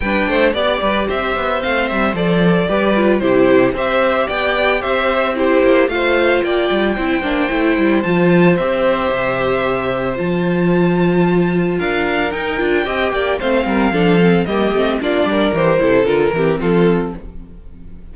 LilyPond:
<<
  \new Staff \with { instrumentName = "violin" } { \time 4/4 \tempo 4 = 112 g''4 d''4 e''4 f''8 e''8 | d''2 c''4 e''4 | g''4 e''4 c''4 f''4 | g''2. a''4 |
e''2. a''4~ | a''2 f''4 g''4~ | g''4 f''2 dis''4 | d''4 c''4 ais'4 a'4 | }
  \new Staff \with { instrumentName = "violin" } { \time 4/4 b'8 c''8 d''8 b'8 c''2~ | c''4 b'4 g'4 c''4 | d''4 c''4 g'4 c''4 | d''4 c''2.~ |
c''1~ | c''2 ais'2 | dis''8 d''8 c''8 ais'8 a'4 g'4 | f'8 ais'4 a'4 g'8 f'4 | }
  \new Staff \with { instrumentName = "viola" } { \time 4/4 d'4 g'2 c'4 | a'4 g'8 f'8 e'4 g'4~ | g'2 e'4 f'4~ | f'4 e'8 d'8 e'4 f'4 |
g'2. f'4~ | f'2. dis'8 f'8 | g'4 c'4 d'8 c'8 ais8 c'8 | d'4 g'8 e'8 f'8 c'4. | }
  \new Staff \with { instrumentName = "cello" } { \time 4/4 g8 a8 b8 g8 c'8 b8 a8 g8 | f4 g4 c4 c'4 | b4 c'4. ais8 a4 | ais8 g8 c'8 ais8 a8 g8 f4 |
c'4 c2 f4~ | f2 d'4 dis'8 d'8 | c'8 ais8 a8 g8 f4 g8 a8 | ais8 g8 e8 c8 d8 e8 f4 | }
>>